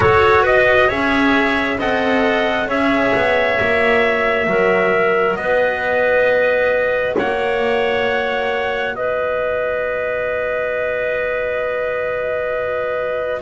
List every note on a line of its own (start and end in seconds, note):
0.00 0.89 F#4
0.00 0.42 A4
0.00 0.44 C#5
0.42 0.87 B4
0.42 0.90 D#5
0.87 1.79 C#4
0.87 1.79 G#4
0.87 1.77 C#5
0.87 1.79 E5
1.78 2.68 C4
1.78 2.68 A4
1.78 2.67 D#5
1.78 2.69 F#5
2.67 3.12 C#4
2.67 3.58 G#4
2.67 4.46 C#5
2.67 5.35 E5
3.14 3.59 B3
3.58 4.47 A#3
3.58 13.41 F#4
4.47 5.36 F#3
4.47 5.38 A#4
5.35 7.15 B3
5.35 7.16 B4
5.35 7.15 D#5
7.16 8.94 A#3
7.16 8.95 C#5
7.16 8.95 F#5
8.94 13.41 B3
8.94 13.41 B4
8.94 13.41 D#5